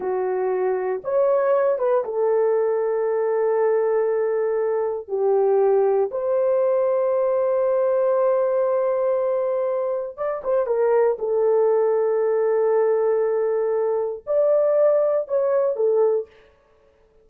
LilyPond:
\new Staff \with { instrumentName = "horn" } { \time 4/4 \tempo 4 = 118 fis'2 cis''4. b'8 | a'1~ | a'2 g'2 | c''1~ |
c''1 | d''8 c''8 ais'4 a'2~ | a'1 | d''2 cis''4 a'4 | }